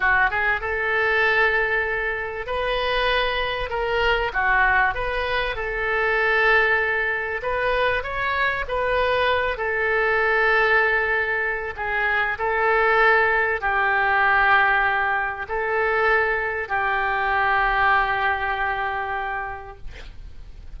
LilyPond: \new Staff \with { instrumentName = "oboe" } { \time 4/4 \tempo 4 = 97 fis'8 gis'8 a'2. | b'2 ais'4 fis'4 | b'4 a'2. | b'4 cis''4 b'4. a'8~ |
a'2. gis'4 | a'2 g'2~ | g'4 a'2 g'4~ | g'1 | }